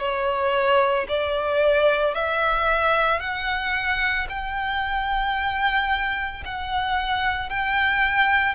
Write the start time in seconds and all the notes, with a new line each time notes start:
0.00 C#5
1.09 D5
2.15 E5
3.20 F#5
4.30 G5
6.46 F#5
7.50 G5